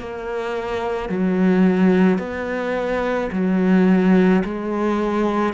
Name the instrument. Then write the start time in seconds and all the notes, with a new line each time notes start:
cello
0.00 A#3
1.09 F#3
2.18 B3
3.32 F#3
4.44 G#3